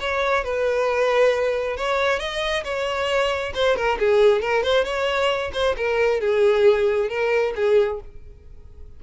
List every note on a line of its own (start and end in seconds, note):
0.00 0.44 C#5
0.44 1.77 B4
1.77 2.19 C#5
2.19 2.63 D#5
2.64 3.53 C#5
3.54 3.76 C5
3.76 3.98 A#4
3.99 4.41 G#4
4.41 4.63 A#4
4.63 4.84 C5
4.84 5.51 C#5
5.53 5.75 C5
5.77 6.20 A#4
6.20 7.09 G#4
7.09 7.53 A#4
7.55 8.00 G#4